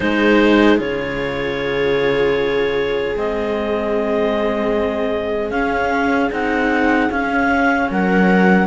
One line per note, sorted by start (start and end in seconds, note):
0.00 0.79 G#3
0.00 0.77 D#4
0.00 7.90 G#4
0.00 0.78 C5
0.77 3.15 C#3
0.77 3.14 F4
0.77 3.16 C#5
3.16 5.50 G#3
3.16 5.52 C4
3.16 5.50 D#5
5.50 6.29 C#4
5.50 6.31 C#4
5.50 6.29 F5
6.31 7.09 C4
6.31 7.10 D#4
6.31 7.11 F#5
7.09 7.88 C#4
7.09 8.67 C#4
7.09 7.90 F5
7.90 8.67 F#3
7.90 8.67 A#4
7.90 8.67 F#5